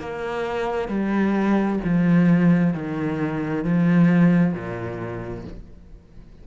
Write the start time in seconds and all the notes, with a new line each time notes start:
0.00 A#3
0.88 G3
1.84 F3
2.74 D#3
3.64 F3
4.53 A#2